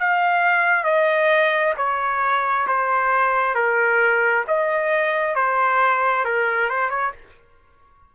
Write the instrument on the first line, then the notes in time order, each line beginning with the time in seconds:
trumpet
0.00 F5
0.84 D#5
1.77 C#5
2.67 C5
3.55 A#4
4.48 D#5
5.36 C5
6.25 A#4
6.70 C5
6.90 C#5